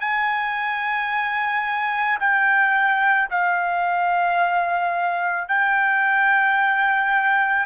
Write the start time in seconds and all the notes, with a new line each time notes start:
0.00 G#5
2.20 G5
3.30 F5
5.48 G5